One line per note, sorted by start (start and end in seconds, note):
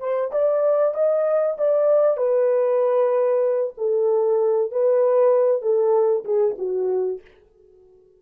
0.00 0.31 C5
0.32 0.95 D5
0.95 1.57 D#5
1.58 2.18 D5
2.18 3.74 B4
3.78 4.72 A4
4.72 5.62 B4
5.62 6.25 A4
6.25 6.56 G#4
6.59 7.21 F#4